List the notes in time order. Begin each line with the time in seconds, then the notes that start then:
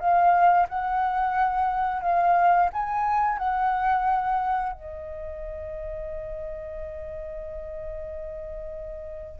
0.00 F5
0.69 F#5
2.02 F5
2.73 G#5
3.38 F#5
4.73 D#5